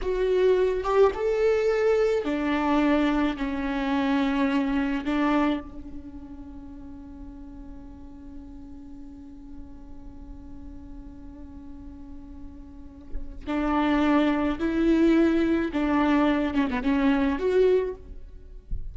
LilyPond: \new Staff \with { instrumentName = "viola" } { \time 4/4 \tempo 4 = 107 fis'4. g'8 a'2 | d'2 cis'2~ | cis'4 d'4 cis'2~ | cis'1~ |
cis'1~ | cis'1 | d'2 e'2 | d'4. cis'16 b16 cis'4 fis'4 | }